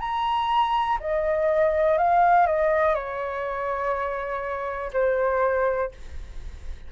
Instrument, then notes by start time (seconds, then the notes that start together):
flute
0.00 A#5
1.01 D#5
1.98 F5
2.47 D#5
2.95 C#5
4.93 C5